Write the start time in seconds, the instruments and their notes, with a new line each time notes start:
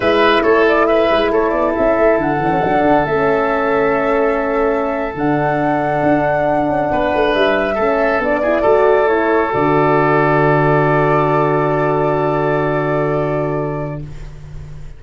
0.00 tuba G#3, horn E4, oboe B4, flute E5
0.42 tuba A3, oboe A4, flute C#5
0.68 flute D5
0.86 oboe B4, flute E5
1.10 tuba G#3
1.31 tuba A3, oboe A4, flute C#5
1.50 tuba B3, flute D5
1.74 tuba C#4, flute E5
1.98 tuba A3
2.17 tuba D3, flute F#5
2.39 tuba E3, horn D4
2.50 horn C#4
2.63 tuba F#3, horn D4
2.81 tuba D3
3.05 tuba A3, horn C#4, flute E5
5.14 tuba D3, horn D4, flute F#5
6.03 tuba D4
6.68 tuba C#4
6.91 tuba B3, oboe B4
7.14 tuba A3
7.34 tuba G3, flute E5
7.74 tuba A3, horn C#4, oboe A4
8.19 tuba B3, horn D4, flute D5
8.42 horn E4, oboe G#4
8.61 tuba A3, horn F#4, oboe A4
9.07 horn E4, flute C#5
9.49 tuba D3, horn F#4, flute D5